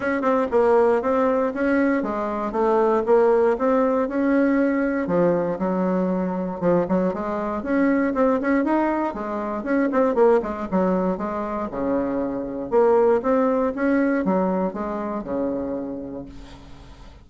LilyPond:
\new Staff \with { instrumentName = "bassoon" } { \time 4/4 \tempo 4 = 118 cis'8 c'8 ais4 c'4 cis'4 | gis4 a4 ais4 c'4 | cis'2 f4 fis4~ | fis4 f8 fis8 gis4 cis'4 |
c'8 cis'8 dis'4 gis4 cis'8 c'8 | ais8 gis8 fis4 gis4 cis4~ | cis4 ais4 c'4 cis'4 | fis4 gis4 cis2 | }